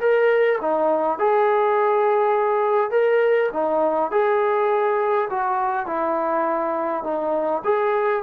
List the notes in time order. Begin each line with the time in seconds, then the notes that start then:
0.00 A#4
0.61 D#4
1.19 G#4
2.91 A#4
3.53 D#4
4.11 G#4
5.30 F#4
5.87 E4
7.04 D#4
7.64 G#4